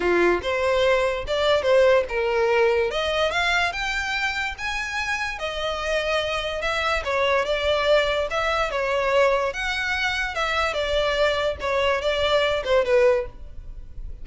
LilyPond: \new Staff \with { instrumentName = "violin" } { \time 4/4 \tempo 4 = 145 f'4 c''2 d''4 | c''4 ais'2 dis''4 | f''4 g''2 gis''4~ | gis''4 dis''2. |
e''4 cis''4 d''2 | e''4 cis''2 fis''4~ | fis''4 e''4 d''2 | cis''4 d''4. c''8 b'4 | }